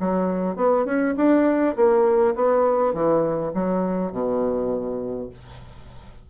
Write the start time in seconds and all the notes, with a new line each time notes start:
0.00 F#3
0.56 B3
0.86 C#4
1.17 D4
1.76 A#3
2.35 B3
2.94 E3
3.54 F#3
4.12 B2